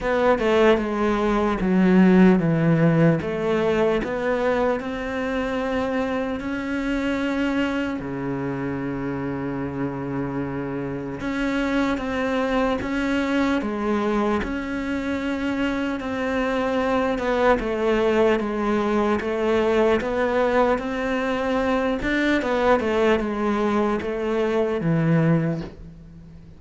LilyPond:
\new Staff \with { instrumentName = "cello" } { \time 4/4 \tempo 4 = 75 b8 a8 gis4 fis4 e4 | a4 b4 c'2 | cis'2 cis2~ | cis2 cis'4 c'4 |
cis'4 gis4 cis'2 | c'4. b8 a4 gis4 | a4 b4 c'4. d'8 | b8 a8 gis4 a4 e4 | }